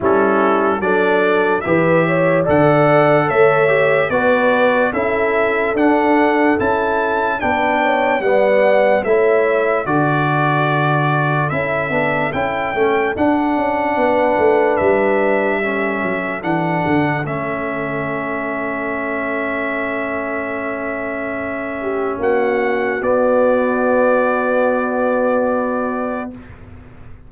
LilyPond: <<
  \new Staff \with { instrumentName = "trumpet" } { \time 4/4 \tempo 4 = 73 a'4 d''4 e''4 fis''4 | e''4 d''4 e''4 fis''4 | a''4 g''4 fis''4 e''4 | d''2 e''4 g''4 |
fis''2 e''2 | fis''4 e''2.~ | e''2. fis''4 | d''1 | }
  \new Staff \with { instrumentName = "horn" } { \time 4/4 e'4 a'4 b'8 cis''8 d''4 | cis''4 b'4 a'2~ | a'4 b'8 cis''8 d''4 cis''4 | a'1~ |
a'4 b'2 a'4~ | a'1~ | a'2~ a'8 g'8 fis'4~ | fis'1 | }
  \new Staff \with { instrumentName = "trombone" } { \time 4/4 cis'4 d'4 g'4 a'4~ | a'8 g'8 fis'4 e'4 d'4 | e'4 d'4 b4 e'4 | fis'2 e'8 d'8 e'8 cis'8 |
d'2. cis'4 | d'4 cis'2.~ | cis'1 | b1 | }
  \new Staff \with { instrumentName = "tuba" } { \time 4/4 g4 fis4 e4 d4 | a4 b4 cis'4 d'4 | cis'4 b4 g4 a4 | d2 cis'8 b8 cis'8 a8 |
d'8 cis'8 b8 a8 g4. fis8 | e8 d8 a2.~ | a2. ais4 | b1 | }
>>